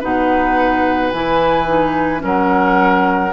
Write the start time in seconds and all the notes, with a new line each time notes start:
0.00 B2 D#4 B4 F#5
1.10 E3 E4 G#5
1.67 D#4
2.19 F#3 C#4 A#4
2.25 F#5